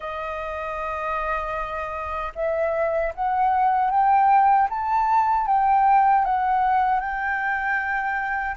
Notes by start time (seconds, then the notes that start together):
0.00 D#5
2.35 E5
3.14 F#5
3.90 G5
4.69 A5
5.47 G5
6.24 F#5
7.00 G5